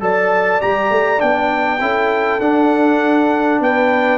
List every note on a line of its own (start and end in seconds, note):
0.00 0.60 F#3
0.00 0.60 A4
0.00 1.81 D5
0.00 0.61 A5
0.60 0.90 G3
0.60 1.19 G4
0.60 1.20 A#5
0.90 1.20 A3
1.19 1.81 B3
1.19 1.79 D4
1.19 2.40 G5
1.80 2.40 C#4
1.80 2.41 E4
1.80 3.62 A4
2.40 3.60 D4
2.40 4.18 D4
2.40 3.60 F#5
3.60 4.18 B3
3.60 4.18 B4
3.60 4.18 G5